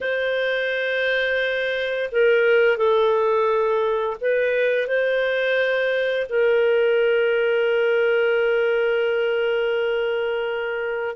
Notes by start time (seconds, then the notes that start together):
0.00 C5
2.11 A#4
2.77 A4
4.20 B4
4.87 C5
6.29 A#4